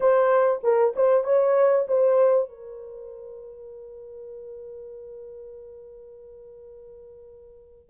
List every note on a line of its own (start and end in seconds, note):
0.00 0.60 C5
0.63 0.94 A#4
0.96 1.23 C5
1.23 1.85 C#5
1.87 2.49 C5
2.49 7.89 A#4